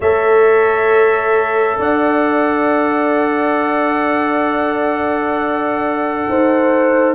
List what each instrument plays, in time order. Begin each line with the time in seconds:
0.00 tuba A3, trombone A4, horn C#5, trumpet E5
1.79 tuba D4, horn D5, trumpet F#5
6.29 tuba D#4, horn C5